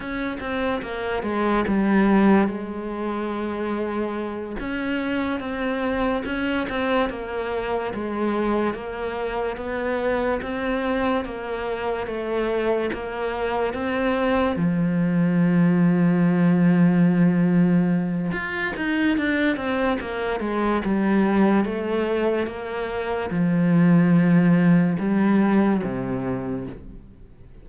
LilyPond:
\new Staff \with { instrumentName = "cello" } { \time 4/4 \tempo 4 = 72 cis'8 c'8 ais8 gis8 g4 gis4~ | gis4. cis'4 c'4 cis'8 | c'8 ais4 gis4 ais4 b8~ | b8 c'4 ais4 a4 ais8~ |
ais8 c'4 f2~ f8~ | f2 f'8 dis'8 d'8 c'8 | ais8 gis8 g4 a4 ais4 | f2 g4 c4 | }